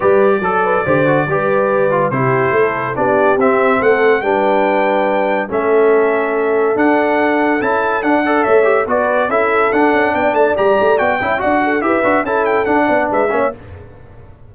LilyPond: <<
  \new Staff \with { instrumentName = "trumpet" } { \time 4/4 \tempo 4 = 142 d''1~ | d''4 c''2 d''4 | e''4 fis''4 g''2~ | g''4 e''2. |
fis''2 a''4 fis''4 | e''4 d''4 e''4 fis''4 | g''8 a''8 ais''4 g''4 fis''4 | e''4 a''8 g''8 fis''4 e''4 | }
  \new Staff \with { instrumentName = "horn" } { \time 4/4 b'4 a'8 b'8 c''4 b'4~ | b'4 g'4 a'4 g'4~ | g'4 a'4 b'2~ | b'4 a'2.~ |
a'2.~ a'8 d''8 | cis''4 b'4 a'2 | d''2~ d''8 e''8 d''8 a'8 | b'4 a'4. d''8 b'8 cis''8 | }
  \new Staff \with { instrumentName = "trombone" } { \time 4/4 g'4 a'4 g'8 fis'8 g'4~ | g'8 f'8 e'2 d'4 | c'2 d'2~ | d'4 cis'2. |
d'2 e'4 d'8 a'8~ | a'8 g'8 fis'4 e'4 d'4~ | d'4 g'4 fis'8 e'8 fis'4 | g'8 fis'8 e'4 d'4. cis'8 | }
  \new Staff \with { instrumentName = "tuba" } { \time 4/4 g4 fis4 d4 g4~ | g4 c4 a4 b4 | c'4 a4 g2~ | g4 a2. |
d'2 cis'4 d'4 | a4 b4 cis'4 d'8 cis'8 | b8 a8 g8 a8 b8 cis'8 d'4 | e'8 d'8 cis'4 d'8 b8 gis8 ais8 | }
>>